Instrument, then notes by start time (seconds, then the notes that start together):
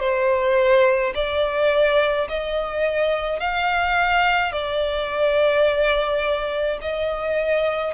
violin
0.00 C5
1.14 D5
2.28 D#5
3.40 F5
4.52 D5
6.81 D#5